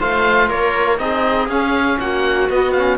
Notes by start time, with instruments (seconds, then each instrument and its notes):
0.00 cello A3, trombone F4, viola C5, oboe F5
0.49 cello A#3, viola A#4, oboe C#5
0.99 cello C4, trombone D#4, viola G#4, oboe D#5
1.48 cello C#4, trombone C#4, oboe F5
2.00 cello A#3, viola F#4, oboe F#5
2.50 cello B3, trombone B3, oboe D#5
2.73 trombone C#4, oboe F5